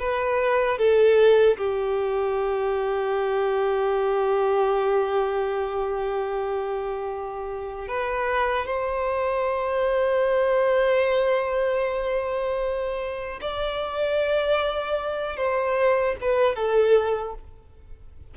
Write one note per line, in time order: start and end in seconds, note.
0.00 0.79 B4
0.79 1.58 A4
1.58 7.88 G4
7.88 8.67 B4
8.67 13.40 C5
13.41 15.37 D5
15.37 16.16 C5
16.22 16.56 B4
16.56 17.35 A4